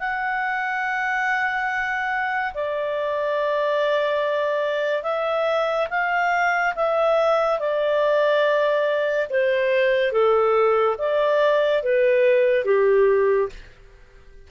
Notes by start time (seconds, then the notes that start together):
0.00 F#5
2.54 D5
5.03 E5
5.90 F5
6.75 E5
7.59 D5
9.30 C5
10.12 A4
10.99 D5
11.83 B4
12.65 G4